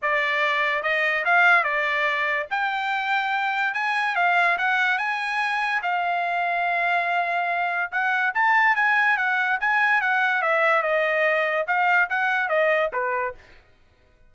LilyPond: \new Staff \with { instrumentName = "trumpet" } { \time 4/4 \tempo 4 = 144 d''2 dis''4 f''4 | d''2 g''2~ | g''4 gis''4 f''4 fis''4 | gis''2 f''2~ |
f''2. fis''4 | a''4 gis''4 fis''4 gis''4 | fis''4 e''4 dis''2 | f''4 fis''4 dis''4 b'4 | }